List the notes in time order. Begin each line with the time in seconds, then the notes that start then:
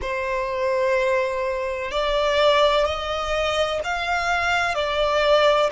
0.01 C5
1.91 D5
2.85 D#5
3.84 F5
4.74 D5